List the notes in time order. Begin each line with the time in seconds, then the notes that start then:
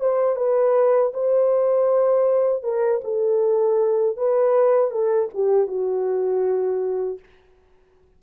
0.00 C5
0.36 B4
1.14 C5
2.63 A#4
3.04 A4
4.17 B4
4.91 A4
5.34 G4
5.67 F#4